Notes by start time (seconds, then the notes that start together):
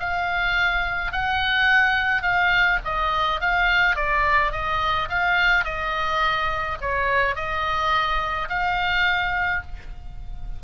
0.00 F5
1.12 F#5
2.23 F5
2.85 D#5
3.41 F5
3.96 D5
4.52 D#5
5.09 F5
5.65 D#5
6.81 C#5
7.36 D#5
8.49 F5